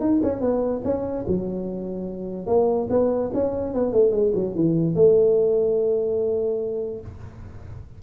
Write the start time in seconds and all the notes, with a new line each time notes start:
0.00 D#4
0.23 C#4
0.41 B3
0.84 C#4
1.28 F#3
2.47 A#3
2.90 B3
3.34 C#4
3.74 B3
3.93 A3
4.12 G#3
4.34 F#3
4.55 E3
4.95 A3